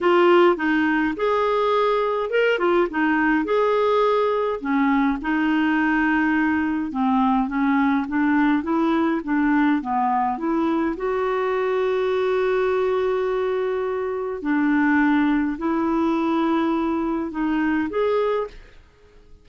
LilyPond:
\new Staff \with { instrumentName = "clarinet" } { \time 4/4 \tempo 4 = 104 f'4 dis'4 gis'2 | ais'8 f'8 dis'4 gis'2 | cis'4 dis'2. | c'4 cis'4 d'4 e'4 |
d'4 b4 e'4 fis'4~ | fis'1~ | fis'4 d'2 e'4~ | e'2 dis'4 gis'4 | }